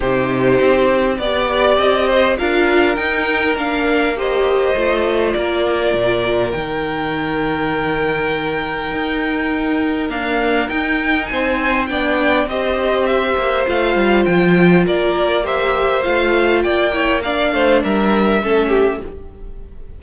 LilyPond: <<
  \new Staff \with { instrumentName = "violin" } { \time 4/4 \tempo 4 = 101 c''2 d''4 dis''4 | f''4 g''4 f''4 dis''4~ | dis''4 d''2 g''4~ | g''1~ |
g''4 f''4 g''4 gis''4 | g''4 dis''4 e''4 f''4 | g''4 d''4 e''4 f''4 | g''4 f''4 e''2 | }
  \new Staff \with { instrumentName = "violin" } { \time 4/4 g'2 d''4. c''8 | ais'2. c''4~ | c''4 ais'2.~ | ais'1~ |
ais'2. c''4 | d''4 c''2.~ | c''4 ais'4 c''2 | d''8 cis''8 d''8 c''8 ais'4 a'8 g'8 | }
  \new Staff \with { instrumentName = "viola" } { \time 4/4 dis'2 g'2 | f'4 dis'4 d'4 g'4 | f'2. dis'4~ | dis'1~ |
dis'4 ais4 dis'2 | d'4 g'2 f'4~ | f'2 g'4 f'4~ | f'8 e'8 d'2 cis'4 | }
  \new Staff \with { instrumentName = "cello" } { \time 4/4 c4 c'4 b4 c'4 | d'4 dis'4 ais2 | a4 ais4 ais,4 dis4~ | dis2. dis'4~ |
dis'4 d'4 dis'4 c'4 | b4 c'4. ais8 a8 g8 | f4 ais2 a4 | ais4. a8 g4 a4 | }
>>